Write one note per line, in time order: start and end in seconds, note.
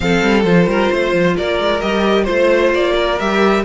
0.00 0.22 F3
0.00 0.42 C4
0.00 0.69 A4
0.00 0.43 F5
0.22 0.44 G3
0.44 0.66 F3
0.44 1.80 F4
0.44 1.35 C5
0.66 0.89 G3
0.66 0.91 A#4
0.91 1.13 A3
0.91 1.36 C5
1.13 1.36 F3
1.37 1.59 A#3
1.37 2.24 A#4
1.37 1.81 D5
1.59 1.81 G#3
1.81 2.27 G3
1.81 2.25 G4
1.81 2.24 D#5
2.24 2.74 A3
2.24 3.16 F4
2.24 2.69 C5
2.24 2.92 C5
2.74 3.19 A#3
2.74 3.19 D5
2.95 3.63 A#4
3.19 3.64 G3
3.19 3.64 G4
3.19 3.64 E5